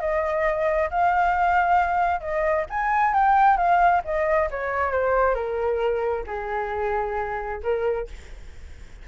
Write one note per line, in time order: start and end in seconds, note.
0.00 0.90 D#5
0.90 2.20 F5
2.20 2.65 D#5
2.69 3.14 G#5
3.14 3.57 G5
3.57 4.02 F5
4.04 4.49 D#5
4.50 4.92 C#5
4.92 5.34 C5
5.34 6.24 A#4
6.26 7.61 G#4
7.63 8.07 A#4